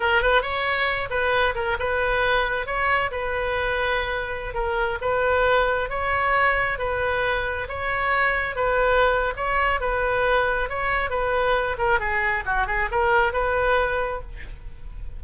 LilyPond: \new Staff \with { instrumentName = "oboe" } { \time 4/4 \tempo 4 = 135 ais'8 b'8 cis''4. b'4 ais'8 | b'2 cis''4 b'4~ | b'2~ b'16 ais'4 b'8.~ | b'4~ b'16 cis''2 b'8.~ |
b'4~ b'16 cis''2 b'8.~ | b'4 cis''4 b'2 | cis''4 b'4. ais'8 gis'4 | fis'8 gis'8 ais'4 b'2 | }